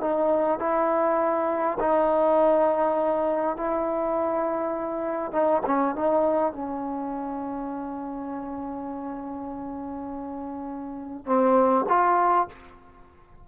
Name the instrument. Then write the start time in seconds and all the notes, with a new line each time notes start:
trombone
0.00 D#4
0.59 E4
1.80 D#4
3.56 E4
5.32 D#4
5.66 C#4
5.95 D#4
6.53 C#4
11.26 C4
11.88 F4